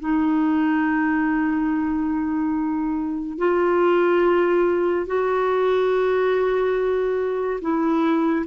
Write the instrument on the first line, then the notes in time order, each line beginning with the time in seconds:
clarinet
0.00 D#4
3.38 F4
5.06 F#4
7.61 E4